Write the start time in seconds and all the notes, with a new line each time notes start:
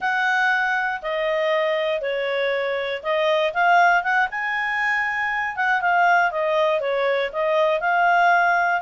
0.00 F#5
1.02 D#5
2.01 C#5
3.03 D#5
3.53 F5
4.03 F#5
4.30 G#5
5.56 F#5
5.81 F5
6.31 D#5
6.80 C#5
7.32 D#5
7.80 F5